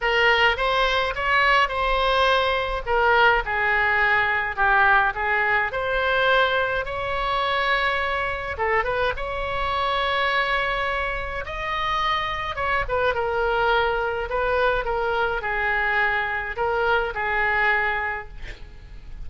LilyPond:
\new Staff \with { instrumentName = "oboe" } { \time 4/4 \tempo 4 = 105 ais'4 c''4 cis''4 c''4~ | c''4 ais'4 gis'2 | g'4 gis'4 c''2 | cis''2. a'8 b'8 |
cis''1 | dis''2 cis''8 b'8 ais'4~ | ais'4 b'4 ais'4 gis'4~ | gis'4 ais'4 gis'2 | }